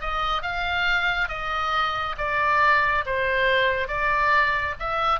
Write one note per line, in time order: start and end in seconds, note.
0.00 0.42 D#5
0.42 1.28 F5
1.28 2.15 D#5
2.17 3.04 D5
3.06 3.87 C5
3.87 4.74 D5
4.79 5.19 E5